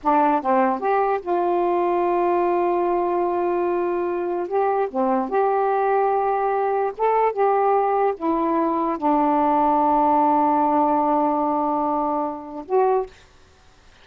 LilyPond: \new Staff \with { instrumentName = "saxophone" } { \time 4/4 \tempo 4 = 147 d'4 c'4 g'4 f'4~ | f'1~ | f'2. g'4 | c'4 g'2.~ |
g'4 a'4 g'2 | e'2 d'2~ | d'1~ | d'2. fis'4 | }